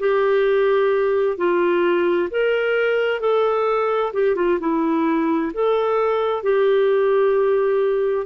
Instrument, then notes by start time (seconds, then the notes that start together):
clarinet
0.00 G4
1.38 F4
2.31 A#4
3.21 A4
4.13 G4
4.36 F4
4.60 E4
5.54 A4
6.43 G4